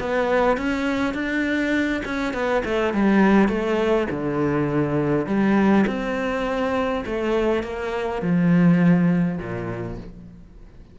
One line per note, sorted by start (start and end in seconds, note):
0.00 0.57 B3
0.57 1.14 C#4
1.14 2.03 D4
2.05 2.34 C#4
2.34 2.63 B3
2.65 2.94 A3
2.94 3.49 G3
3.49 4.07 A3
4.11 5.26 D3
5.26 5.85 G3
5.87 7.05 C4
7.06 7.63 A3
7.63 8.22 A#3
8.22 9.39 F3
9.39 9.98 A#2